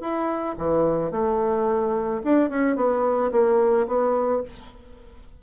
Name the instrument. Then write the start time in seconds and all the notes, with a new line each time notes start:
bassoon
0.00 E4
0.58 E3
1.11 A3
2.24 D4
2.49 C#4
2.76 B3
3.32 A#3
3.87 B3